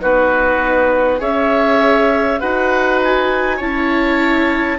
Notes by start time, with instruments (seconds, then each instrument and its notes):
0.00 bassoon B3, viola D#4, oboe F#4, clarinet B4
1.18 bassoon C#4, viola G#4, oboe C#5, clarinet E5
2.40 bassoon D#4, viola F#4, oboe B4, clarinet F#5
3.04 clarinet G#5
3.57 bassoon C#4, viola E4, oboe C#5, clarinet A5